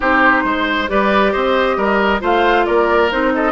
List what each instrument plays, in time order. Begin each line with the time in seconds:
0.00 bassoon C4, clarinet D#4, oboe G4, flute C5
0.44 bassoon G#3, oboe C5
0.87 bassoon G3, clarinet G4, oboe B4, flute D5
1.32 bassoon C4, oboe C5, flute D#5
1.77 bassoon G3, oboe A#4
2.20 bassoon A3, clarinet F4, oboe C5, flute F5
2.65 bassoon A#3, oboe A#4, flute D5
3.10 bassoon C4, clarinet D#4, flute C5
3.34 oboe A4, flute D#5